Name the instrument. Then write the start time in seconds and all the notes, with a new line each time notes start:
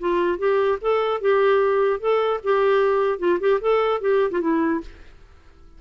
clarinet
0.00 F4
0.39 G4
0.82 A4
1.21 G4
2.01 A4
2.44 G4
3.19 F4
3.41 G4
3.61 A4
4.01 G4
4.32 F4
4.41 E4